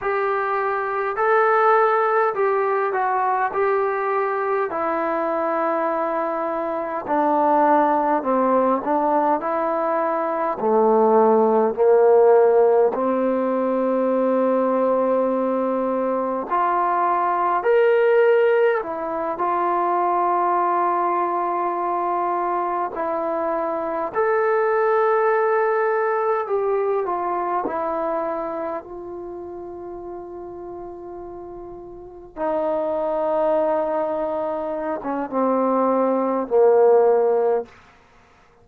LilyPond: \new Staff \with { instrumentName = "trombone" } { \time 4/4 \tempo 4 = 51 g'4 a'4 g'8 fis'8 g'4 | e'2 d'4 c'8 d'8 | e'4 a4 ais4 c'4~ | c'2 f'4 ais'4 |
e'8 f'2. e'8~ | e'8 a'2 g'8 f'8 e'8~ | e'8 f'2. dis'8~ | dis'4.~ dis'16 cis'16 c'4 ais4 | }